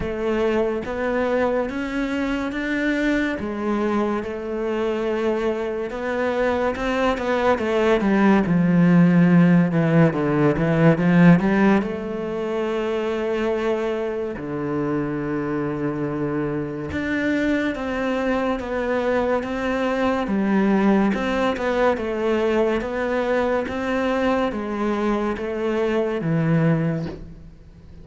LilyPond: \new Staff \with { instrumentName = "cello" } { \time 4/4 \tempo 4 = 71 a4 b4 cis'4 d'4 | gis4 a2 b4 | c'8 b8 a8 g8 f4. e8 | d8 e8 f8 g8 a2~ |
a4 d2. | d'4 c'4 b4 c'4 | g4 c'8 b8 a4 b4 | c'4 gis4 a4 e4 | }